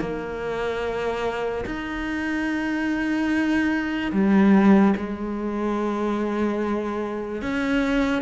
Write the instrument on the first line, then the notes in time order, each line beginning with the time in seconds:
cello
0.00 A#3
1.65 D#4
4.12 G3
4.96 G#3
7.42 C#4